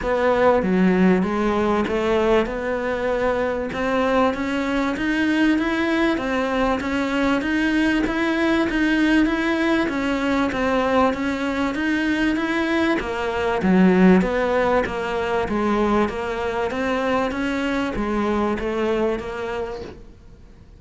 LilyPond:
\new Staff \with { instrumentName = "cello" } { \time 4/4 \tempo 4 = 97 b4 fis4 gis4 a4 | b2 c'4 cis'4 | dis'4 e'4 c'4 cis'4 | dis'4 e'4 dis'4 e'4 |
cis'4 c'4 cis'4 dis'4 | e'4 ais4 fis4 b4 | ais4 gis4 ais4 c'4 | cis'4 gis4 a4 ais4 | }